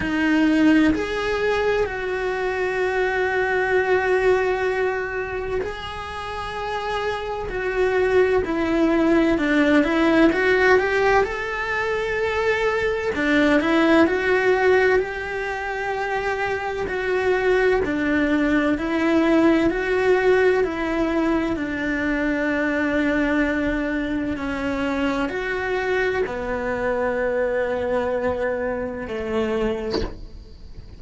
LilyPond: \new Staff \with { instrumentName = "cello" } { \time 4/4 \tempo 4 = 64 dis'4 gis'4 fis'2~ | fis'2 gis'2 | fis'4 e'4 d'8 e'8 fis'8 g'8 | a'2 d'8 e'8 fis'4 |
g'2 fis'4 d'4 | e'4 fis'4 e'4 d'4~ | d'2 cis'4 fis'4 | b2. a4 | }